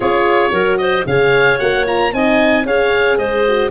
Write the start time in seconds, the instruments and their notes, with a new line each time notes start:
0.00 tuba C#4, horn F4, clarinet G#4, oboe C#5
0.51 tuba F#3, horn F#4, clarinet A#4
0.77 clarinet C5, oboe D#5
1.06 tuba C#3, horn G#4, clarinet C#5, oboe F5
1.59 tuba A#3, horn F#4, oboe F#5
1.86 horn F4, oboe A#5
2.12 tuba C4, horn D#4, clarinet D#5, oboe G#5
2.65 tuba C#4, horn G#4, clarinet C#5, oboe F5
3.17 tuba G#3, clarinet C5, oboe D#5
3.48 horn F#4